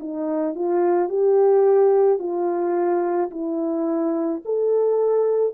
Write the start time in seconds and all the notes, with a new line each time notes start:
0.00 D#4
0.56 F4
1.09 G4
2.19 F4
3.31 E4
4.45 A4